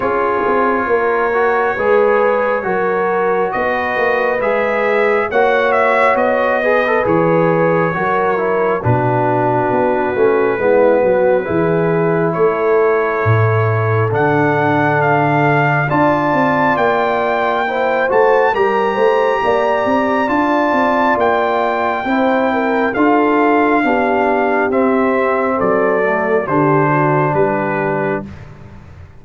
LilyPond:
<<
  \new Staff \with { instrumentName = "trumpet" } { \time 4/4 \tempo 4 = 68 cis''1 | dis''4 e''4 fis''8 e''8 dis''4 | cis''2 b'2~ | b'2 cis''2 |
fis''4 f''4 a''4 g''4~ | g''8 a''8 ais''2 a''4 | g''2 f''2 | e''4 d''4 c''4 b'4 | }
  \new Staff \with { instrumentName = "horn" } { \time 4/4 gis'4 ais'4 b'4 ais'4 | b'2 cis''4. b'8~ | b'4 ais'4 fis'2 | e'8 fis'8 gis'4 a'2~ |
a'2 d''2 | c''4 ais'8 c''8 d''2~ | d''4 c''8 ais'8 a'4 g'4~ | g'4 a'4 g'8 fis'8 g'4 | }
  \new Staff \with { instrumentName = "trombone" } { \time 4/4 f'4. fis'8 gis'4 fis'4~ | fis'4 gis'4 fis'4. gis'16 a'16 | gis'4 fis'8 e'8 d'4. cis'8 | b4 e'2. |
d'2 f'2 | e'8 fis'8 g'2 f'4~ | f'4 e'4 f'4 d'4 | c'4. a8 d'2 | }
  \new Staff \with { instrumentName = "tuba" } { \time 4/4 cis'8 c'8 ais4 gis4 fis4 | b8 ais8 gis4 ais4 b4 | e4 fis4 b,4 b8 a8 | gis8 fis8 e4 a4 a,4 |
d2 d'8 c'8 ais4~ | ais8 a8 g8 a8 ais8 c'8 d'8 c'8 | ais4 c'4 d'4 b4 | c'4 fis4 d4 g4 | }
>>